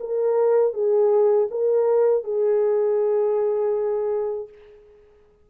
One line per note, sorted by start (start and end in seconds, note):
0.00 0.73 A#4
0.73 1.48 G#4
1.51 2.24 A#4
2.24 4.49 G#4